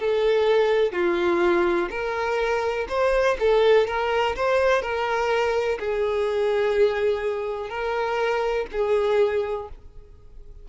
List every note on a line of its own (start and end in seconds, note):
0.00 0.93 A4
0.93 1.90 F4
1.91 2.88 A#4
2.89 3.38 C5
3.40 3.88 A4
3.88 4.36 A#4
4.36 4.82 C5
4.82 5.79 A#4
5.80 7.70 G#4
7.70 8.67 A#4
8.73 9.69 G#4